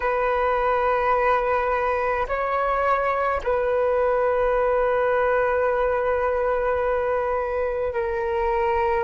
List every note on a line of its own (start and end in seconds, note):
0.00 2.26 B4
2.27 3.41 C#5
3.43 7.93 B4
7.93 9.03 A#4